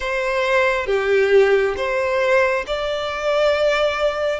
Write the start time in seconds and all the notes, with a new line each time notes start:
0.00 C5
0.86 G4
1.76 C5
2.67 D5